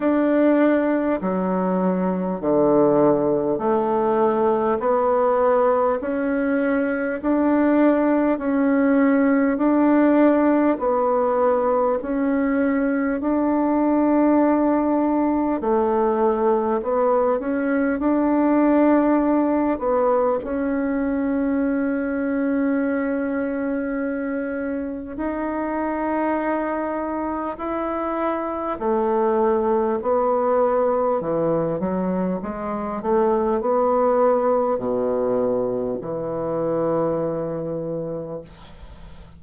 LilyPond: \new Staff \with { instrumentName = "bassoon" } { \time 4/4 \tempo 4 = 50 d'4 fis4 d4 a4 | b4 cis'4 d'4 cis'4 | d'4 b4 cis'4 d'4~ | d'4 a4 b8 cis'8 d'4~ |
d'8 b8 cis'2.~ | cis'4 dis'2 e'4 | a4 b4 e8 fis8 gis8 a8 | b4 b,4 e2 | }